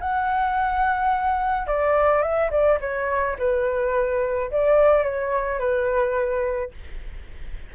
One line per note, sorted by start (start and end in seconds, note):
0.00 1.67 F#5
1.67 2.22 D5
2.22 2.50 E5
2.50 2.78 D5
2.80 3.36 C#5
3.38 4.50 B4
4.51 5.03 D5
5.03 5.59 C#5
5.59 6.71 B4